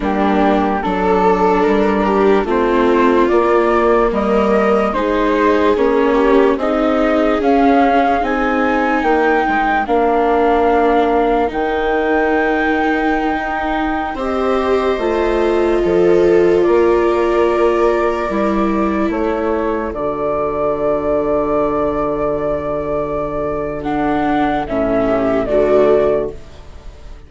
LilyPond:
<<
  \new Staff \with { instrumentName = "flute" } { \time 4/4 \tempo 4 = 73 g'4 a'4 ais'4 c''4 | d''4 dis''4 c''4 cis''4 | dis''4 f''4 gis''4 g''4 | f''2 g''2~ |
g''4~ g''16 dis''2~ dis''8.~ | dis''16 d''2. cis''8.~ | cis''16 d''2.~ d''8.~ | d''4 fis''4 e''4 d''4 | }
  \new Staff \with { instrumentName = "viola" } { \time 4/4 d'4 a'4. g'8 f'4~ | f'4 ais'4 gis'4. g'8 | gis'2. ais'4~ | ais'1~ |
ais'4~ ais'16 c''2 a'8.~ | a'16 ais'2. a'8.~ | a'1~ | a'2~ a'8 g'8 fis'4 | }
  \new Staff \with { instrumentName = "viola" } { \time 4/4 ais4 d'2 c'4 | ais2 dis'4 cis'4 | dis'4 cis'4 dis'2 | d'2 dis'2~ |
dis'4~ dis'16 g'4 f'4.~ f'16~ | f'2~ f'16 e'4.~ e'16~ | e'16 fis'2.~ fis'8.~ | fis'4 d'4 cis'4 a4 | }
  \new Staff \with { instrumentName = "bassoon" } { \time 4/4 g4 fis4 g4 a4 | ais4 g4 gis4 ais4 | c'4 cis'4 c'4 ais8 gis8 | ais2 dis2~ |
dis16 dis'4 c'4 a4 f8.~ | f16 ais2 g4 a8.~ | a16 d2.~ d8.~ | d2 a,4 d4 | }
>>